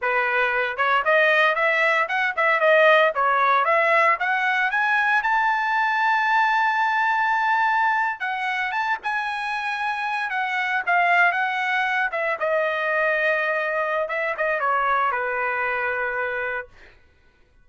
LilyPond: \new Staff \with { instrumentName = "trumpet" } { \time 4/4 \tempo 4 = 115 b'4. cis''8 dis''4 e''4 | fis''8 e''8 dis''4 cis''4 e''4 | fis''4 gis''4 a''2~ | a''2.~ a''8. fis''16~ |
fis''8. a''8 gis''2~ gis''8 fis''16~ | fis''8. f''4 fis''4. e''8 dis''16~ | dis''2. e''8 dis''8 | cis''4 b'2. | }